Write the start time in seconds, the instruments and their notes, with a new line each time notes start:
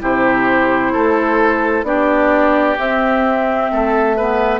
0.00 bassoon C3, clarinet E4, oboe G4, flute C5
0.92 bassoon A3, oboe A4
1.83 bassoon B3, clarinet D4, oboe G4, flute D5
2.78 bassoon C4, clarinet C4, flute E5
3.71 bassoon A3, oboe A4
4.16 clarinet B3, oboe B4